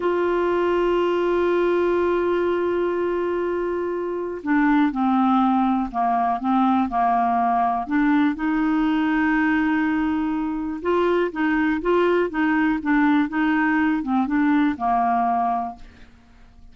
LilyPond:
\new Staff \with { instrumentName = "clarinet" } { \time 4/4 \tempo 4 = 122 f'1~ | f'1~ | f'4 d'4 c'2 | ais4 c'4 ais2 |
d'4 dis'2.~ | dis'2 f'4 dis'4 | f'4 dis'4 d'4 dis'4~ | dis'8 c'8 d'4 ais2 | }